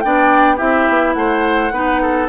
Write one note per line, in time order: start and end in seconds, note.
0.00 0.60 B3
0.00 0.57 D4
0.00 0.56 D5
0.00 0.57 G5
0.56 0.89 C4
0.56 1.71 E4
0.56 1.13 G4
0.56 1.14 E5
0.89 1.14 B3
1.14 1.71 A3
1.14 1.73 C5
1.14 2.28 F#5
1.71 2.28 B3
1.71 2.28 D#4
1.71 2.02 B4
2.02 2.28 A4